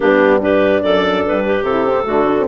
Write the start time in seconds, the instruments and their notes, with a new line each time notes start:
0.00 bassoon G2, horn B3, clarinet D4 G4
0.41 horn D4, clarinet G4 B4
0.82 bassoon F#2, clarinet A4 D5
1.26 bassoon G2, clarinet B4
1.45 clarinet G4
1.62 bassoon C3, clarinet A4
1.69 horn E4
1.86 horn C4
2.04 bassoon D3, horn A3, clarinet F#4
2.27 horn D4
2.38 horn C4